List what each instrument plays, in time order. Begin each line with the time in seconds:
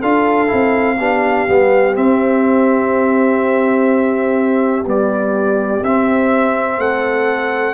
0.00 tuba D4, trombone F4, horn A4, trumpet F5
0.48 tuba C4, trombone E4
0.98 tuba B3, trombone D4, horn G4
1.48 tuba G3, trombone B3
1.95 trombone C4, tuba C4, trumpet E5
4.85 trombone G3, tuba B3, trumpet D5
5.82 tuba C4, trombone C4, trumpet E5
6.78 tuba A3, horn A4, trumpet F#5